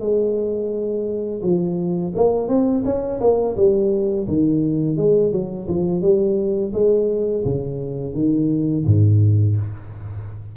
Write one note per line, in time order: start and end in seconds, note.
0.00 1.41 G#3
1.42 2.13 F3
2.15 2.48 A#3
2.48 2.83 C4
2.85 3.20 C#4
3.20 3.56 A#3
3.56 4.27 G3
4.28 4.97 D#3
4.97 5.32 G#3
5.32 5.67 F#3
5.68 6.02 F3
6.02 6.72 G3
6.73 7.44 G#3
7.45 8.14 C#3
8.14 8.85 D#3
8.86 9.56 G#2